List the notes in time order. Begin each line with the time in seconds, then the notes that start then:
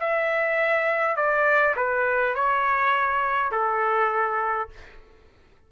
0.00 E5
1.17 D5
1.76 B4
2.35 C#5
3.52 A4